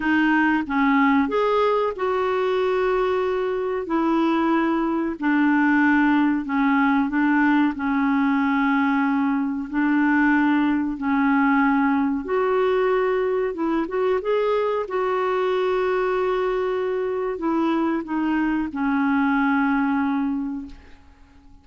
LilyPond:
\new Staff \with { instrumentName = "clarinet" } { \time 4/4 \tempo 4 = 93 dis'4 cis'4 gis'4 fis'4~ | fis'2 e'2 | d'2 cis'4 d'4 | cis'2. d'4~ |
d'4 cis'2 fis'4~ | fis'4 e'8 fis'8 gis'4 fis'4~ | fis'2. e'4 | dis'4 cis'2. | }